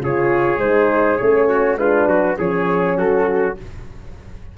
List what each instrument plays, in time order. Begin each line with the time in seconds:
0.00 tuba C#3, horn F4, trumpet G#4, flute C#5
0.58 tuba G#3, horn D#4, flute C5
1.17 tuba A3, horn C#4, flute C#5
1.49 trumpet F#4
1.78 tuba G#3, horn D4, trumpet F4, flute B4
2.07 tuba F#3, trumpet F#4
2.37 tuba F3, horn C#4, trumpet G#4, flute C#5
2.98 tuba F#3, trumpet F#4, flute A4